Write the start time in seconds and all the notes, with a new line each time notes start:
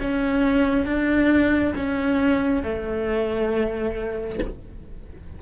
0.00 C#4
0.85 D4
1.76 C#4
2.63 A3